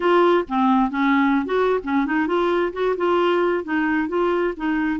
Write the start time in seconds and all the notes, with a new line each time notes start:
0.00 F4
0.48 C4
0.90 C#4
1.45 F#4
1.83 C#4
2.06 D#4
2.27 F4
2.73 F#4
2.96 F4
3.64 D#4
4.08 F4
4.57 D#4